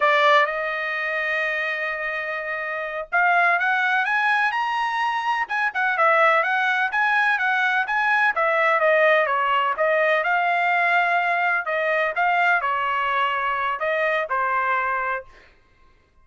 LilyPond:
\new Staff \with { instrumentName = "trumpet" } { \time 4/4 \tempo 4 = 126 d''4 dis''2.~ | dis''2~ dis''8 f''4 fis''8~ | fis''8 gis''4 ais''2 gis''8 | fis''8 e''4 fis''4 gis''4 fis''8~ |
fis''8 gis''4 e''4 dis''4 cis''8~ | cis''8 dis''4 f''2~ f''8~ | f''8 dis''4 f''4 cis''4.~ | cis''4 dis''4 c''2 | }